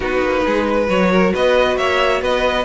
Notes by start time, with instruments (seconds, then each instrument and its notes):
0.00 cello B3, viola D#4, violin F#4 B4
0.23 cello A#3
0.45 cello G#3, violin G#4
0.68 violin B4
0.86 cello F#3, viola F#4, violin C#5
1.11 violin A#4
1.33 cello B3, violin B4 D#5
1.77 cello A#3, violin C#5 E5
2.21 cello B3, violin B4 D#5